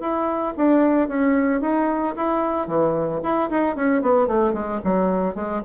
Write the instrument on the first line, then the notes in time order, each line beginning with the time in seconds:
bassoon
0.00 E4
0.57 D4
1.08 C#4
1.61 D#4
2.16 E4
2.67 E3
3.23 E4
3.50 D#4
3.76 C#4
4.02 B3
4.27 A3
4.53 G#3
4.84 F#3
5.35 G#3